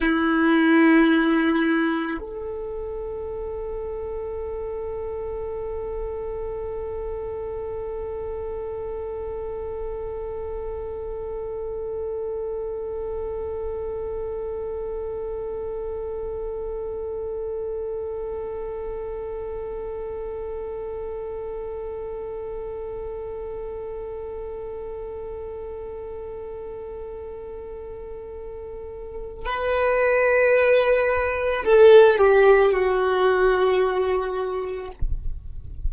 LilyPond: \new Staff \with { instrumentName = "violin" } { \time 4/4 \tempo 4 = 55 e'2 a'2~ | a'1~ | a'1~ | a'1~ |
a'1~ | a'1~ | a'2. b'4~ | b'4 a'8 g'8 fis'2 | }